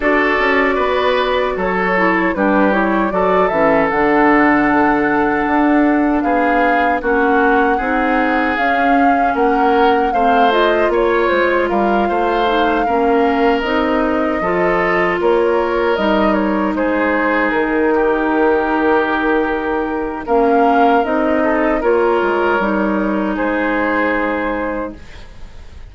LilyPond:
<<
  \new Staff \with { instrumentName = "flute" } { \time 4/4 \tempo 4 = 77 d''2 cis''4 b'8 cis''8 | d''8 e''8 fis''2. | f''4 fis''2 f''4 | fis''4 f''8 dis''8 cis''8 c''8 f''4~ |
f''4. dis''2 cis''8~ | cis''8 dis''8 cis''8 c''4 ais'4.~ | ais'2 f''4 dis''4 | cis''2 c''2 | }
  \new Staff \with { instrumentName = "oboe" } { \time 4/4 a'4 b'4 a'4 g'4 | a'1 | gis'4 fis'4 gis'2 | ais'4 c''4 cis''4 ais'8 c''8~ |
c''8 ais'2 a'4 ais'8~ | ais'4. gis'4. g'4~ | g'2 ais'4. a'8 | ais'2 gis'2 | }
  \new Staff \with { instrumentName = "clarinet" } { \time 4/4 fis'2~ fis'8 e'8 d'8 e'8 | fis'8 cis'8 d'2.~ | d'4 cis'4 dis'4 cis'4~ | cis'4 c'8 f'2~ f'8 |
dis'8 cis'4 dis'4 f'4.~ | f'8 dis'2.~ dis'8~ | dis'2 cis'4 dis'4 | f'4 dis'2. | }
  \new Staff \with { instrumentName = "bassoon" } { \time 4/4 d'8 cis'8 b4 fis4 g4 | fis8 e8 d2 d'4 | b4 ais4 c'4 cis'4 | ais4 a4 ais8 gis8 g8 a8~ |
a8 ais4 c'4 f4 ais8~ | ais8 g4 gis4 dis4.~ | dis2 ais4 c'4 | ais8 gis8 g4 gis2 | }
>>